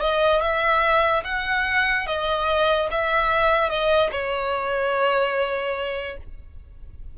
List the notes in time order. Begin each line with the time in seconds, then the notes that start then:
0.00 D#5
0.41 E5
1.24 F#5
2.06 D#5
2.90 E5
3.69 D#5
4.11 C#5